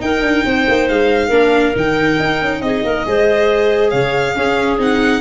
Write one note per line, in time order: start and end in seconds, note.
0.00 1.30 D#4
0.00 0.22 D#4
0.00 0.45 A#4
0.00 0.88 G5
0.22 0.44 D4
0.45 0.67 C4
0.45 1.28 C5
0.69 0.90 A#3
0.89 1.30 G#3
0.89 1.76 F5
1.28 1.74 A#3
1.28 1.74 D4
1.28 2.59 A#4
1.76 2.19 D#3
1.76 3.06 D#4
1.76 2.62 G5
2.20 2.41 D#4
2.41 2.61 C#4
2.61 2.83 C4
2.61 2.85 G#4
2.61 3.90 D#5
2.84 3.06 A#3
2.84 3.06 A#4
3.06 3.93 G#3
3.06 4.36 G#4
3.06 3.92 C5
3.90 4.37 C#3
3.90 4.35 C#5
3.90 4.77 F5
4.36 4.79 C#4
4.36 5.21 G#4
4.79 5.21 C4
4.79 5.21 D#4
4.79 5.21 F#5